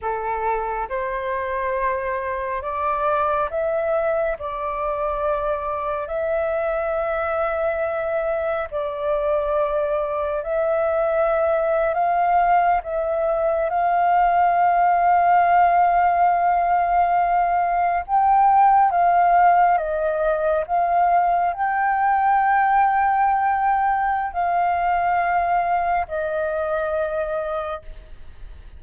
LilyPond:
\new Staff \with { instrumentName = "flute" } { \time 4/4 \tempo 4 = 69 a'4 c''2 d''4 | e''4 d''2 e''4~ | e''2 d''2 | e''4.~ e''16 f''4 e''4 f''16~ |
f''1~ | f''8. g''4 f''4 dis''4 f''16~ | f''8. g''2.~ g''16 | f''2 dis''2 | }